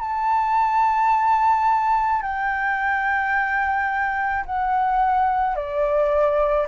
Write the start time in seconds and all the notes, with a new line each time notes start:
0.00 A5
2.22 G5
4.45 F#5
5.56 D5